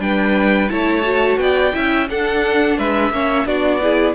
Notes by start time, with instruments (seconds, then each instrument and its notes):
0.00 cello G3, viola D4, violin B4 G5
0.70 cello A3, viola E4, violin C#5 A5
1.03 viola F#4
1.38 cello B3, violin D5 G5
1.74 cello C#4, viola E4, violin E5
2.10 cello D4, viola D4, violin A4 F#5
2.78 cello G#3, violin B4 E5
3.11 cello A#3, viola C#4, violin C#5
3.46 cello B3, viola D4, violin F#4 D5
3.82 viola E4, violin G#4